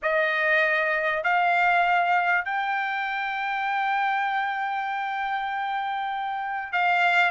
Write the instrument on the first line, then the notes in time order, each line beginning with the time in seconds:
trumpet
0.02 D#5
1.23 F5
2.44 G5
6.72 F5